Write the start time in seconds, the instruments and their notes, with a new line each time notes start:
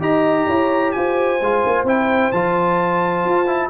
0.00 tuba D#4, trombone G4, horn D#5, trumpet A#5
0.48 tuba E4, horn C#5
0.92 tuba F4, horn C5, trumpet G#5
1.41 tuba G#3, trombone F4
1.66 tuba A#3
1.84 tuba C4, trombone E4, trumpet G5
2.32 tuba F3, trombone F4, trumpet A5
3.25 tuba F4
3.47 trombone E4